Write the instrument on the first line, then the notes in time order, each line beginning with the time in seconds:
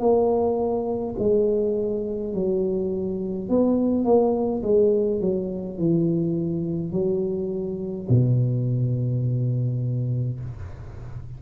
tuba
0.00 A#3
1.19 G#3
2.34 F#3
3.49 B3
4.05 A#3
4.63 G#3
5.21 F#3
5.78 E3
6.93 F#3
8.09 B2